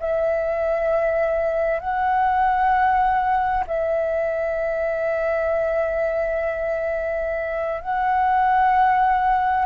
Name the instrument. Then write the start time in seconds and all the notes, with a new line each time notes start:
flute
0.00 E5
1.80 F#5
3.67 E5
7.82 F#5